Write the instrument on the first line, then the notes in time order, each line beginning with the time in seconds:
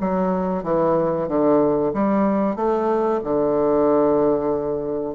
bassoon
0.00 F#3
0.63 E3
1.28 D3
1.93 G3
2.55 A3
3.23 D3